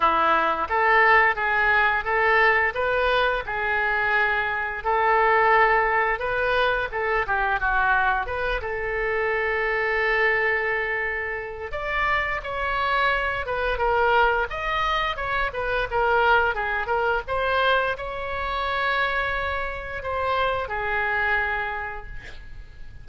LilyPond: \new Staff \with { instrumentName = "oboe" } { \time 4/4 \tempo 4 = 87 e'4 a'4 gis'4 a'4 | b'4 gis'2 a'4~ | a'4 b'4 a'8 g'8 fis'4 | b'8 a'2.~ a'8~ |
a'4 d''4 cis''4. b'8 | ais'4 dis''4 cis''8 b'8 ais'4 | gis'8 ais'8 c''4 cis''2~ | cis''4 c''4 gis'2 | }